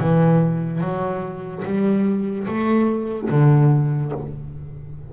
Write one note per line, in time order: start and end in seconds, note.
0.00 0.81 E3
0.81 1.63 F#3
1.65 2.47 G3
2.47 3.30 A3
3.30 4.12 D3